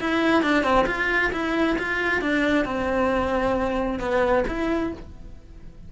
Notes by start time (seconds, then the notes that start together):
0.00 E4
0.43 D4
0.64 C4
0.87 F4
1.32 E4
1.79 F4
2.21 D4
2.65 C4
4.00 B3
4.48 E4